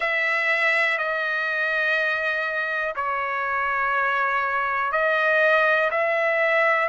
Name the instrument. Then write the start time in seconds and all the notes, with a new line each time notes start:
trumpet
0.00 E5
0.97 D#5
2.95 C#5
4.92 D#5
5.91 E5